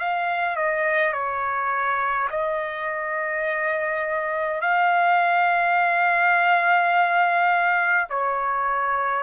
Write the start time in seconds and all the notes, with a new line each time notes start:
0.00 F5
0.56 D#5
1.13 C#5
2.31 D#5
4.62 F5
8.10 C#5